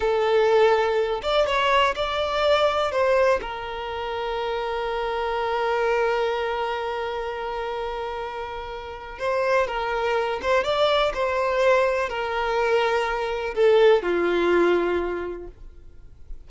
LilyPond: \new Staff \with { instrumentName = "violin" } { \time 4/4 \tempo 4 = 124 a'2~ a'8 d''8 cis''4 | d''2 c''4 ais'4~ | ais'1~ | ais'1~ |
ais'2. c''4 | ais'4. c''8 d''4 c''4~ | c''4 ais'2. | a'4 f'2. | }